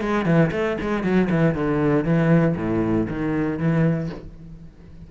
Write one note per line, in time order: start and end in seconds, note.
0.00 0.25 G#3
0.25 0.50 E3
0.51 0.77 A3
0.81 1.03 G#3
1.03 1.29 F#3
1.30 1.54 E3
1.54 2.04 D3
2.04 2.55 E3
2.56 3.07 A2
3.09 3.58 D#3
3.58 4.09 E3